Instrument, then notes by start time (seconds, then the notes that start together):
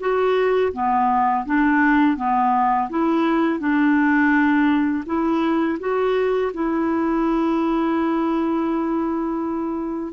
clarinet
0.00 F#4
0.73 B3
1.46 D4
2.17 B3
2.90 E4
3.59 D4
5.06 E4
5.80 F#4
6.54 E4